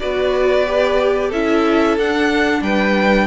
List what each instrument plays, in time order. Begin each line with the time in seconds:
0.00 cello B3, viola F#4, violin B4 D5
0.66 viola G4
1.29 cello C#4, viola E4, violin A4 E5
1.98 cello D4, viola D4, violin F#5
2.62 cello G3, violin B4 G5